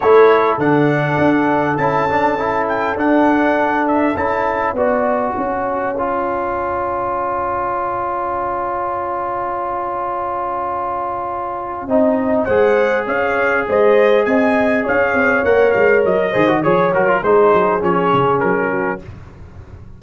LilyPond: <<
  \new Staff \with { instrumentName = "trumpet" } { \time 4/4 \tempo 4 = 101 cis''4 fis''2 a''4~ | a''8 g''8 fis''4. e''8 a''4 | gis''1~ | gis''1~ |
gis''1~ | gis''4 fis''4 f''4 dis''4 | gis''4 f''4 fis''8 f''8 dis''4 | cis''8 ais'8 c''4 cis''4 ais'4 | }
  \new Staff \with { instrumentName = "horn" } { \time 4/4 a'1~ | a'1 | d''4 cis''2.~ | cis''1~ |
cis''1 | dis''4 c''4 cis''4 c''4 | dis''4 cis''2~ cis''8 c''8 | cis''4 gis'2~ gis'8 fis'8 | }
  \new Staff \with { instrumentName = "trombone" } { \time 4/4 e'4 d'2 e'8 d'8 | e'4 d'2 e'4 | fis'2 f'2~ | f'1~ |
f'1 | dis'4 gis'2.~ | gis'2 ais'4. gis'16 fis'16 | gis'8 fis'16 f'16 dis'4 cis'2 | }
  \new Staff \with { instrumentName = "tuba" } { \time 4/4 a4 d4 d'4 cis'4~ | cis'4 d'2 cis'4 | b4 cis'2.~ | cis'1~ |
cis'1 | c'4 gis4 cis'4 gis4 | c'4 cis'8 c'8 ais8 gis8 fis8 dis8 | f8 fis8 gis8 fis8 f8 cis8 fis4 | }
>>